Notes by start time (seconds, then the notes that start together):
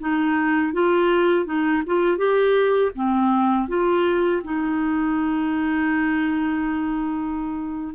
0.00 D#4
0.73 F4
1.46 D#4
1.87 F4
2.18 G4
2.95 C4
3.68 F4
4.44 D#4